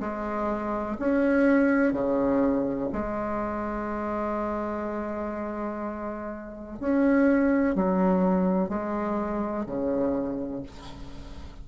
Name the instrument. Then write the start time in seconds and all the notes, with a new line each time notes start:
bassoon
0.00 G#3
0.99 C#4
1.93 C#3
2.92 G#3
6.80 C#4
7.75 F#3
8.69 G#3
9.66 C#3